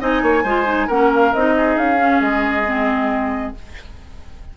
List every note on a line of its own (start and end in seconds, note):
0.00 0.22 C4
0.00 0.44 D#4
0.00 0.23 D#5
0.00 0.89 G#5
0.22 0.44 A#3
0.22 0.43 C#5
0.43 0.89 G#3
0.43 0.66 F4
0.43 0.87 C5
0.66 0.88 D#4
0.87 1.34 A#3
0.87 1.34 C#4
0.87 1.54 A#4
0.87 1.11 F#5
1.15 1.34 F5
1.34 1.77 C4
1.34 1.97 D#4
1.34 1.77 D#5
1.57 3.57 G#4
1.77 2.21 C#4
1.77 2.21 F5
1.97 2.64 C#4
2.21 3.54 G#3
2.21 3.55 D#5
2.66 3.55 C4